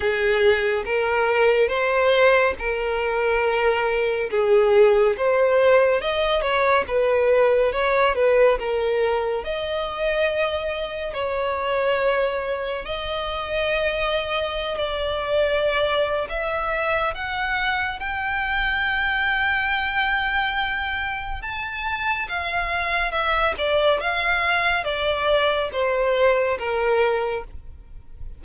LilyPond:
\new Staff \with { instrumentName = "violin" } { \time 4/4 \tempo 4 = 70 gis'4 ais'4 c''4 ais'4~ | ais'4 gis'4 c''4 dis''8 cis''8 | b'4 cis''8 b'8 ais'4 dis''4~ | dis''4 cis''2 dis''4~ |
dis''4~ dis''16 d''4.~ d''16 e''4 | fis''4 g''2.~ | g''4 a''4 f''4 e''8 d''8 | f''4 d''4 c''4 ais'4 | }